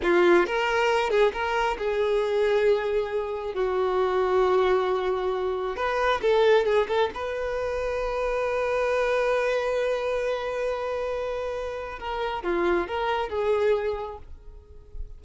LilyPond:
\new Staff \with { instrumentName = "violin" } { \time 4/4 \tempo 4 = 135 f'4 ais'4. gis'8 ais'4 | gis'1 | fis'1~ | fis'4 b'4 a'4 gis'8 a'8 |
b'1~ | b'1~ | b'2. ais'4 | f'4 ais'4 gis'2 | }